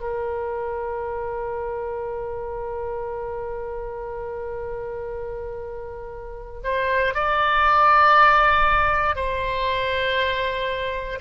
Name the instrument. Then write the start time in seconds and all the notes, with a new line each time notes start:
oboe
0.00 A#4
6.63 C5
7.14 D5
9.16 C5